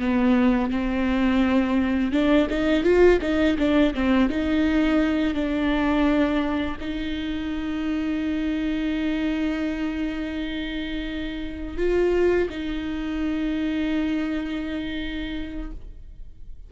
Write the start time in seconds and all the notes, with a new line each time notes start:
0.00 B3
0.71 C4
2.12 D4
2.50 D#4
2.83 F4
3.21 D#4
3.58 D4
3.94 C4
4.30 D#4
5.34 D4
6.80 D#4
11.77 F4
12.50 D#4